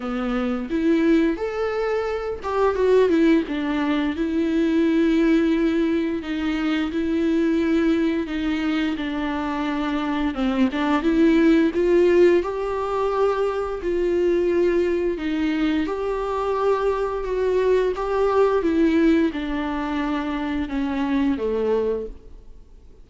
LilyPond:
\new Staff \with { instrumentName = "viola" } { \time 4/4 \tempo 4 = 87 b4 e'4 a'4. g'8 | fis'8 e'8 d'4 e'2~ | e'4 dis'4 e'2 | dis'4 d'2 c'8 d'8 |
e'4 f'4 g'2 | f'2 dis'4 g'4~ | g'4 fis'4 g'4 e'4 | d'2 cis'4 a4 | }